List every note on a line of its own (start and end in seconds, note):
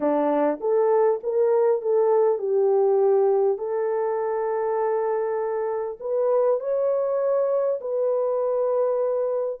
0.00 0.59 D4
0.60 1.20 A4
1.23 1.81 A#4
1.81 2.38 A4
2.38 3.58 G4
3.58 5.98 A4
6.00 6.60 B4
6.60 7.80 C#5
7.80 9.60 B4